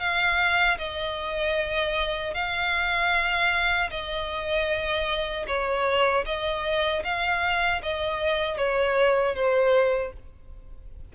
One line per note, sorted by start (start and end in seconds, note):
0.00 0.78 F5
0.79 2.34 D#5
2.34 3.90 F5
3.91 5.47 D#5
5.48 6.26 C#5
6.26 7.04 D#5
7.04 7.82 F5
7.83 8.58 D#5
8.58 9.35 C#5
9.35 10.13 C5